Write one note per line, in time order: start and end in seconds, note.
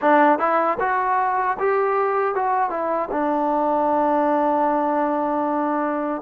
0.01 0.39 D4
0.39 0.78 E4
0.79 1.57 F#4
1.59 2.34 G4
2.34 2.70 F#4
2.70 3.09 E4
3.11 6.22 D4